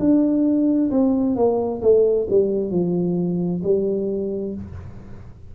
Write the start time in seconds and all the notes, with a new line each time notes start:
0.00 D4
0.91 C4
1.36 A#3
1.82 A3
2.30 G3
2.71 F3
3.64 G3